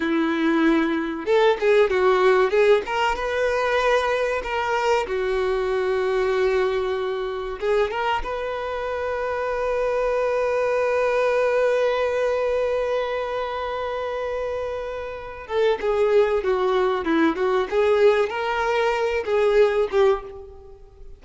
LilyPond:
\new Staff \with { instrumentName = "violin" } { \time 4/4 \tempo 4 = 95 e'2 a'8 gis'8 fis'4 | gis'8 ais'8 b'2 ais'4 | fis'1 | gis'8 ais'8 b'2.~ |
b'1~ | b'1~ | b'8 a'8 gis'4 fis'4 e'8 fis'8 | gis'4 ais'4. gis'4 g'8 | }